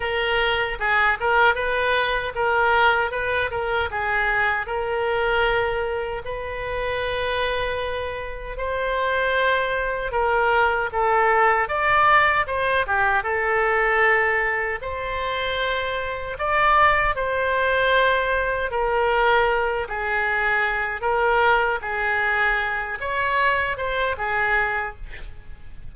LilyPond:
\new Staff \with { instrumentName = "oboe" } { \time 4/4 \tempo 4 = 77 ais'4 gis'8 ais'8 b'4 ais'4 | b'8 ais'8 gis'4 ais'2 | b'2. c''4~ | c''4 ais'4 a'4 d''4 |
c''8 g'8 a'2 c''4~ | c''4 d''4 c''2 | ais'4. gis'4. ais'4 | gis'4. cis''4 c''8 gis'4 | }